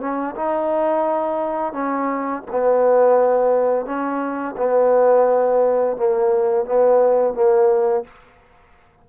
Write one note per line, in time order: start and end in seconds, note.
0.00 0.35 C#4
0.36 1.73 D#4
1.73 2.42 C#4
2.51 3.86 B3
3.86 4.55 C#4
4.57 5.97 B3
5.97 6.65 A#3
6.65 7.34 B3
7.34 8.04 A#3